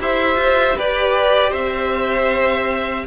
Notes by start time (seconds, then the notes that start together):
0.00 E4 G4 C5 E5
0.36 F4
0.78 G4 B4 D5
1.50 C4 C5 E5